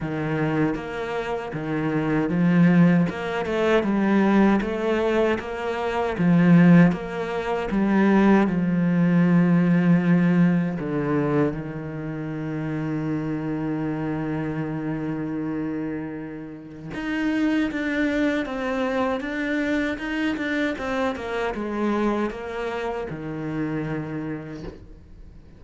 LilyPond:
\new Staff \with { instrumentName = "cello" } { \time 4/4 \tempo 4 = 78 dis4 ais4 dis4 f4 | ais8 a8 g4 a4 ais4 | f4 ais4 g4 f4~ | f2 d4 dis4~ |
dis1~ | dis2 dis'4 d'4 | c'4 d'4 dis'8 d'8 c'8 ais8 | gis4 ais4 dis2 | }